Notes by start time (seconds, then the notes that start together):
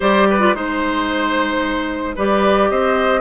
0.00 G3 G4 C5 D5
0.30 B4
0.40 F4
0.54 G#3 D#4 C5
2.15 G3 G4 B4 D5
2.69 C4 C5 D#5